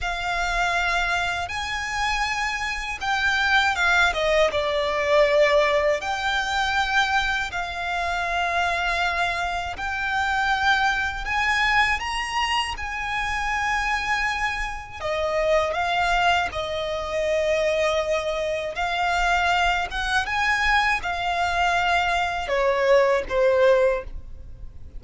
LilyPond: \new Staff \with { instrumentName = "violin" } { \time 4/4 \tempo 4 = 80 f''2 gis''2 | g''4 f''8 dis''8 d''2 | g''2 f''2~ | f''4 g''2 gis''4 |
ais''4 gis''2. | dis''4 f''4 dis''2~ | dis''4 f''4. fis''8 gis''4 | f''2 cis''4 c''4 | }